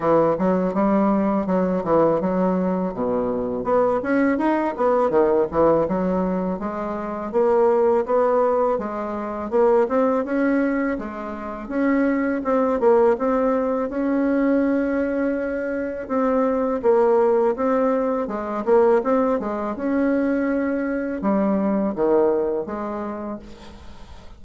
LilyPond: \new Staff \with { instrumentName = "bassoon" } { \time 4/4 \tempo 4 = 82 e8 fis8 g4 fis8 e8 fis4 | b,4 b8 cis'8 dis'8 b8 dis8 e8 | fis4 gis4 ais4 b4 | gis4 ais8 c'8 cis'4 gis4 |
cis'4 c'8 ais8 c'4 cis'4~ | cis'2 c'4 ais4 | c'4 gis8 ais8 c'8 gis8 cis'4~ | cis'4 g4 dis4 gis4 | }